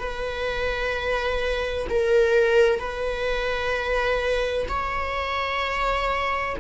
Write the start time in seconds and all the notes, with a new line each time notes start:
0.00 B4
1.90 A#4
2.80 B4
4.69 C#5